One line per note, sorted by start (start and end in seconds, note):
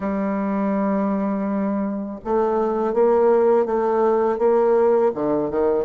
0.00 2.19 G3
2.24 2.93 A3
2.93 3.66 A#3
3.66 4.38 A3
4.38 5.11 A#3
5.14 5.50 D3
5.50 5.84 D#3